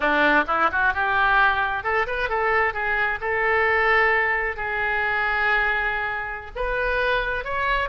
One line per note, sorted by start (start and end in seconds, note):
0.00 0.44 D4
0.47 0.70 E4
0.71 0.93 F#4
0.93 1.83 G4
1.83 2.06 A4
2.06 2.29 B4
2.29 2.73 A4
2.73 3.19 G#4
3.20 4.56 A4
4.56 6.51 G#4
6.55 7.44 B4
7.44 7.89 C#5